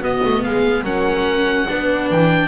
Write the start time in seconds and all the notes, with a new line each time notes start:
0.00 B3 F#4 D#5
0.24 A3
0.42 G#3 G#4 F5
0.83 F#3 C#4 A#4 F#5
1.68 B3 D4 B4
2.11 E3 G5